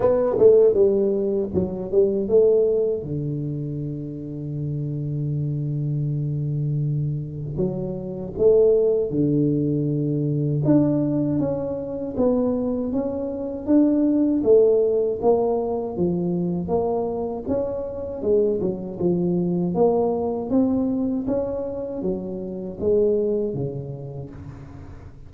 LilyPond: \new Staff \with { instrumentName = "tuba" } { \time 4/4 \tempo 4 = 79 b8 a8 g4 fis8 g8 a4 | d1~ | d2 fis4 a4 | d2 d'4 cis'4 |
b4 cis'4 d'4 a4 | ais4 f4 ais4 cis'4 | gis8 fis8 f4 ais4 c'4 | cis'4 fis4 gis4 cis4 | }